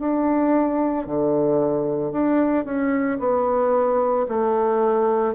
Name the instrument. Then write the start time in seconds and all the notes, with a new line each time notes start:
bassoon
0.00 D4
1.07 D3
2.12 D4
2.65 C#4
3.19 B3
4.29 A3